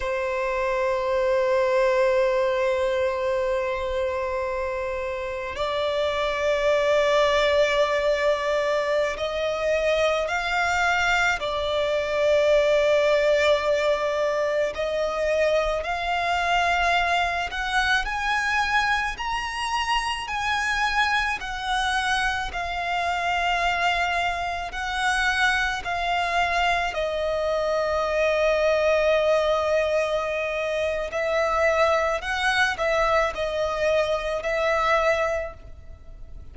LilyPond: \new Staff \with { instrumentName = "violin" } { \time 4/4 \tempo 4 = 54 c''1~ | c''4 d''2.~ | d''16 dis''4 f''4 d''4.~ d''16~ | d''4~ d''16 dis''4 f''4. fis''16~ |
fis''16 gis''4 ais''4 gis''4 fis''8.~ | fis''16 f''2 fis''4 f''8.~ | f''16 dis''2.~ dis''8. | e''4 fis''8 e''8 dis''4 e''4 | }